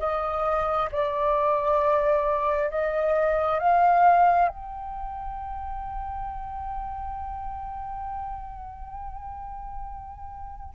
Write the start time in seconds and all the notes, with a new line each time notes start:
0.00 D#5
0.92 D5
2.71 D#5
3.60 F5
4.49 G5